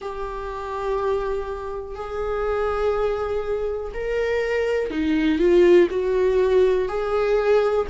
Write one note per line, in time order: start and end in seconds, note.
0.01 1.95 G4
1.95 3.92 G#4
3.93 4.90 A#4
4.90 5.38 D#4
5.38 5.87 F4
5.90 6.88 F#4
6.88 7.86 G#4